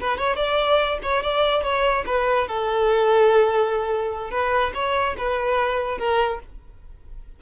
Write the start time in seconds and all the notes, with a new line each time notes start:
0.00 B4
0.18 C#5
0.36 D5
1.03 C#5
1.23 D5
1.63 C#5
2.06 B4
2.47 A4
4.31 B4
4.74 C#5
5.18 B4
5.98 A#4